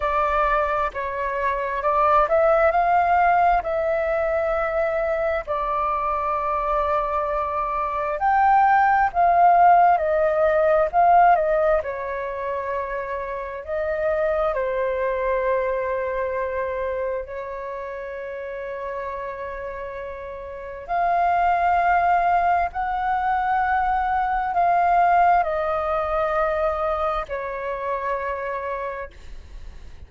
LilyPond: \new Staff \with { instrumentName = "flute" } { \time 4/4 \tempo 4 = 66 d''4 cis''4 d''8 e''8 f''4 | e''2 d''2~ | d''4 g''4 f''4 dis''4 | f''8 dis''8 cis''2 dis''4 |
c''2. cis''4~ | cis''2. f''4~ | f''4 fis''2 f''4 | dis''2 cis''2 | }